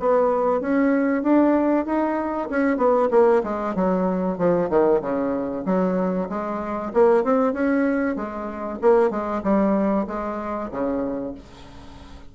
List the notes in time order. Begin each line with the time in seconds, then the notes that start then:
0.00 B3
0.61 C#4
1.23 D4
1.86 D#4
2.50 C#4
2.78 B3
3.11 A#3
3.44 G#3
3.75 F#3
4.38 F3
4.70 D#3
5.02 C#3
5.66 F#3
6.30 G#3
6.94 A#3
7.24 C4
7.53 C#4
8.16 G#3
8.82 A#3
9.11 G#3
9.44 G3
10.07 G#3
10.72 C#3